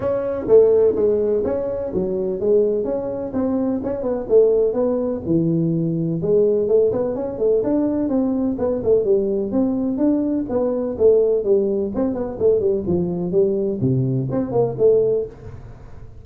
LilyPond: \new Staff \with { instrumentName = "tuba" } { \time 4/4 \tempo 4 = 126 cis'4 a4 gis4 cis'4 | fis4 gis4 cis'4 c'4 | cis'8 b8 a4 b4 e4~ | e4 gis4 a8 b8 cis'8 a8 |
d'4 c'4 b8 a8 g4 | c'4 d'4 b4 a4 | g4 c'8 b8 a8 g8 f4 | g4 c4 c'8 ais8 a4 | }